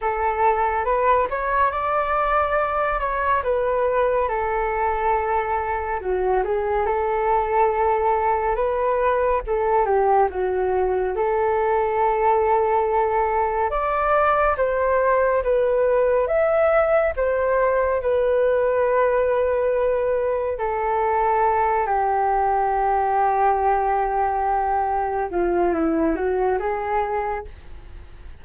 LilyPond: \new Staff \with { instrumentName = "flute" } { \time 4/4 \tempo 4 = 70 a'4 b'8 cis''8 d''4. cis''8 | b'4 a'2 fis'8 gis'8 | a'2 b'4 a'8 g'8 | fis'4 a'2. |
d''4 c''4 b'4 e''4 | c''4 b'2. | a'4. g'2~ g'8~ | g'4. f'8 e'8 fis'8 gis'4 | }